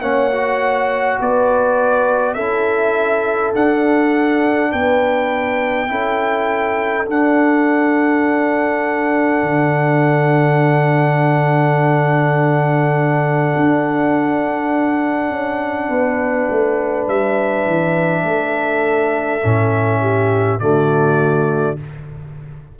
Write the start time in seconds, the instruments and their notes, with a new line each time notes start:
0.00 tuba A#3, trombone C#4, horn C#5, trumpet F#5
0.32 trombone F#4
1.20 tuba B3, horn B4, trumpet D5
2.34 tuba C#4, trombone E4, horn A4, trumpet E5
3.55 trombone D4, tuba D4, trumpet F#5
4.72 tuba B3, horn B4, trumpet G5
5.88 tuba C#4, trombone E4, horn A4
7.06 trombone D4, tuba D4, trumpet F#5
9.42 tuba D3
13.56 tuba D4
15.30 tuba C#4
15.89 tuba B3, horn B4
16.50 tuba A3
17.08 tuba G3, trumpet E5
17.67 tuba E3
18.24 tuba A3, horn A4
19.44 tuba A2, trombone C#4
20.01 horn G4
20.60 tuba D3, trombone A3, horn F#4, trumpet D5